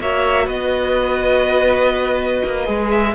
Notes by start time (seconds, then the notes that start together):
0.00 A#3 F#4 C#5 E5
0.46 B3 B4 D#5
2.45 A#3
2.65 G#3 G#4
2.90 E5